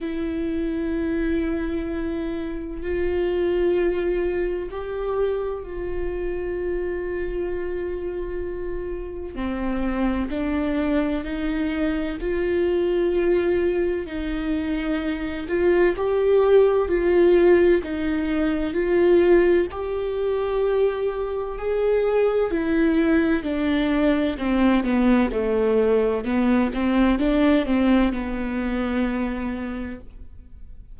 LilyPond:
\new Staff \with { instrumentName = "viola" } { \time 4/4 \tempo 4 = 64 e'2. f'4~ | f'4 g'4 f'2~ | f'2 c'4 d'4 | dis'4 f'2 dis'4~ |
dis'8 f'8 g'4 f'4 dis'4 | f'4 g'2 gis'4 | e'4 d'4 c'8 b8 a4 | b8 c'8 d'8 c'8 b2 | }